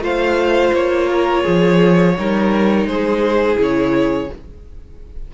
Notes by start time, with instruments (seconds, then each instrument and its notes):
0.00 cello A3, viola F4, violin C5 F5
0.73 cello A#3, violin C#5
1.10 violin A#4
1.43 cello F3, violin G#4
2.17 cello G3, viola D#4, violin A#4
2.85 cello G#3, violin G#4 C5
3.56 cello C#3, viola E4
3.63 violin C#5